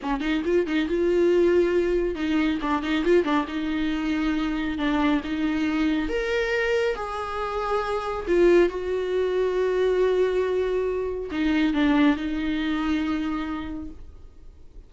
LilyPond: \new Staff \with { instrumentName = "viola" } { \time 4/4 \tempo 4 = 138 cis'8 dis'8 f'8 dis'8 f'2~ | f'4 dis'4 d'8 dis'8 f'8 d'8 | dis'2. d'4 | dis'2 ais'2 |
gis'2. f'4 | fis'1~ | fis'2 dis'4 d'4 | dis'1 | }